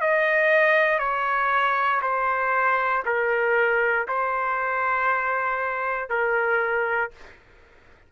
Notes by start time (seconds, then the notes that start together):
0.00 D#5
0.99 C#5
2.02 C5
3.05 A#4
4.07 C5
6.09 A#4